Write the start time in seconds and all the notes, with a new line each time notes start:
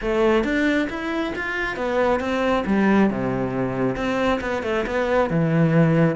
0.01 A3
0.44 D4
0.89 E4
1.35 F4
1.76 B3
2.20 C4
2.66 G3
3.09 C3
3.95 C4
4.41 B3
4.63 A3
4.86 B3
5.30 E3